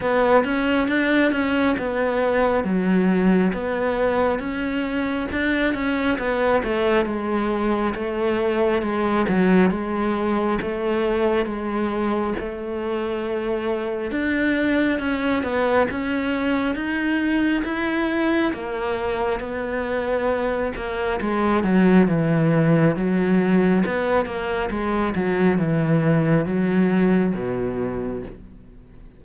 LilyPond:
\new Staff \with { instrumentName = "cello" } { \time 4/4 \tempo 4 = 68 b8 cis'8 d'8 cis'8 b4 fis4 | b4 cis'4 d'8 cis'8 b8 a8 | gis4 a4 gis8 fis8 gis4 | a4 gis4 a2 |
d'4 cis'8 b8 cis'4 dis'4 | e'4 ais4 b4. ais8 | gis8 fis8 e4 fis4 b8 ais8 | gis8 fis8 e4 fis4 b,4 | }